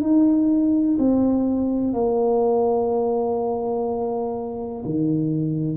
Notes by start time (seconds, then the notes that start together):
0.00 D#4
0.98 C4
1.93 A#3
4.85 D#3